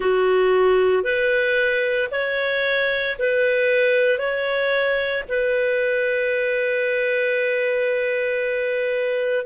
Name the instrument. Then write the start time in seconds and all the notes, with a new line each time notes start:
clarinet
0.00 F#4
1.02 B4
2.11 C#5
3.18 B4
4.18 C#5
5.28 B4